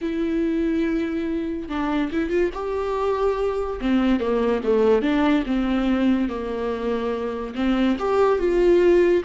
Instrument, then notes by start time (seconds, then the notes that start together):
viola
0.01 E4
1.69 D4
2.12 E4
2.29 F4
2.53 G4
3.81 C4
4.19 A#3
4.63 A3
5.01 D4
5.46 C4
6.28 A#3
7.54 C4
7.98 G4
8.38 F4